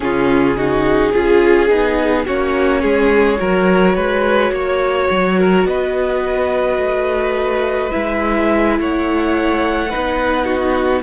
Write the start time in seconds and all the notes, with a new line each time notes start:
0.00 C#3 C#4 F4 G#4
0.56 D#4 F#4
1.12 C#4 F4 G#4
1.68 B3 D#4
2.25 A#3 C#4 F#4 C#5
2.81 G#3 G#4
3.37 F#3 F#4 A#4
3.95 G#3 B4
4.51 A#3 C#5
5.10 F#3
5.38 A#4
5.65 B3 B4 D#5
6.77 A3
7.90 G#3 E4 E5
8.79 A3 C#5 F#5
9.89 B3 D#4 B4
10.44 F#4